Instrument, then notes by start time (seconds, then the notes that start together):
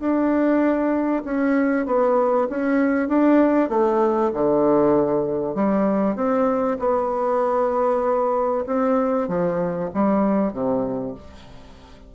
bassoon
0.00 D4
1.25 C#4
1.86 B3
2.50 C#4
3.09 D4
3.70 A3
4.34 D3
5.55 G3
6.16 C4
6.80 B3
8.67 C4
9.28 F3
9.95 G3
10.53 C3